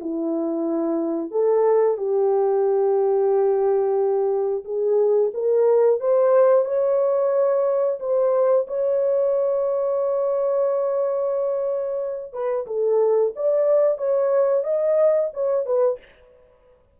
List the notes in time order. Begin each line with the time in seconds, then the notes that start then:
0.00 E4
1.31 A4
1.97 G4
4.64 G#4
5.34 A#4
6.00 C5
6.65 C#5
8.00 C5
8.67 C#5
12.33 B4
12.67 A4
13.36 D5
13.98 C#5
14.63 D#5
15.33 C#5
15.65 B4